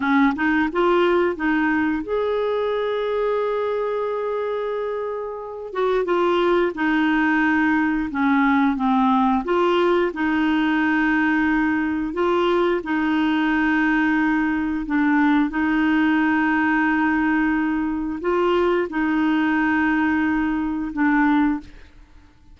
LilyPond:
\new Staff \with { instrumentName = "clarinet" } { \time 4/4 \tempo 4 = 89 cis'8 dis'8 f'4 dis'4 gis'4~ | gis'1~ | gis'8 fis'8 f'4 dis'2 | cis'4 c'4 f'4 dis'4~ |
dis'2 f'4 dis'4~ | dis'2 d'4 dis'4~ | dis'2. f'4 | dis'2. d'4 | }